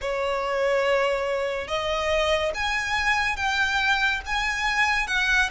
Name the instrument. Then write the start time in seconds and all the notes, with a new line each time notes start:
violin
0.01 C#5
1.67 D#5
2.54 G#5
3.36 G5
4.26 G#5
5.07 F#5